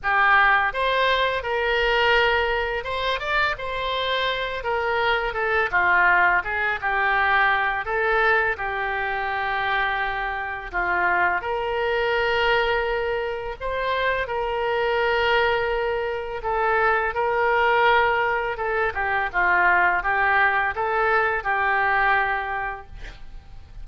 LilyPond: \new Staff \with { instrumentName = "oboe" } { \time 4/4 \tempo 4 = 84 g'4 c''4 ais'2 | c''8 d''8 c''4. ais'4 a'8 | f'4 gis'8 g'4. a'4 | g'2. f'4 |
ais'2. c''4 | ais'2. a'4 | ais'2 a'8 g'8 f'4 | g'4 a'4 g'2 | }